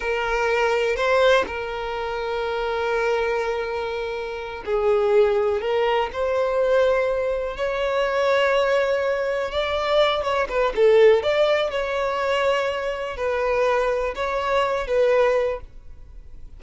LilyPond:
\new Staff \with { instrumentName = "violin" } { \time 4/4 \tempo 4 = 123 ais'2 c''4 ais'4~ | ais'1~ | ais'4. gis'2 ais'8~ | ais'8 c''2. cis''8~ |
cis''2.~ cis''8 d''8~ | d''4 cis''8 b'8 a'4 d''4 | cis''2. b'4~ | b'4 cis''4. b'4. | }